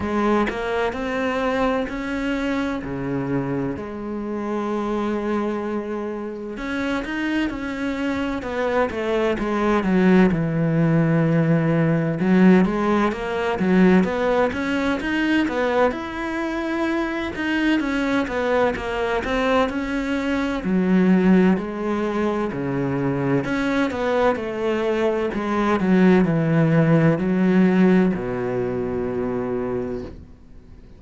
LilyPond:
\new Staff \with { instrumentName = "cello" } { \time 4/4 \tempo 4 = 64 gis8 ais8 c'4 cis'4 cis4 | gis2. cis'8 dis'8 | cis'4 b8 a8 gis8 fis8 e4~ | e4 fis8 gis8 ais8 fis8 b8 cis'8 |
dis'8 b8 e'4. dis'8 cis'8 b8 | ais8 c'8 cis'4 fis4 gis4 | cis4 cis'8 b8 a4 gis8 fis8 | e4 fis4 b,2 | }